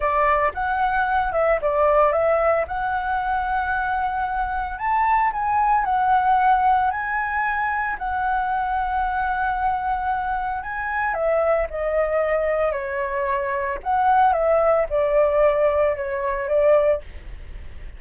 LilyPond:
\new Staff \with { instrumentName = "flute" } { \time 4/4 \tempo 4 = 113 d''4 fis''4. e''8 d''4 | e''4 fis''2.~ | fis''4 a''4 gis''4 fis''4~ | fis''4 gis''2 fis''4~ |
fis''1 | gis''4 e''4 dis''2 | cis''2 fis''4 e''4 | d''2 cis''4 d''4 | }